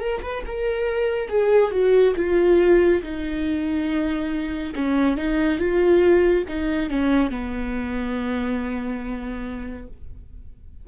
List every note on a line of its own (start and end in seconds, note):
0.00 0.21 A#4
0.22 0.43 B4
0.46 1.29 A#4
1.29 1.71 G#4
1.71 2.14 F#4
2.16 3.02 F4
3.02 4.74 D#4
4.75 5.17 C#4
5.17 5.58 D#4
5.58 6.44 F4
6.48 6.90 D#4
6.90 7.30 C#4
7.30 9.87 B3